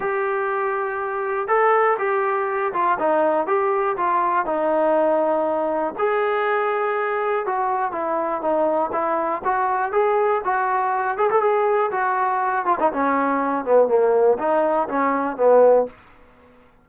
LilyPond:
\new Staff \with { instrumentName = "trombone" } { \time 4/4 \tempo 4 = 121 g'2. a'4 | g'4. f'8 dis'4 g'4 | f'4 dis'2. | gis'2. fis'4 |
e'4 dis'4 e'4 fis'4 | gis'4 fis'4. gis'16 a'16 gis'4 | fis'4. f'16 dis'16 cis'4. b8 | ais4 dis'4 cis'4 b4 | }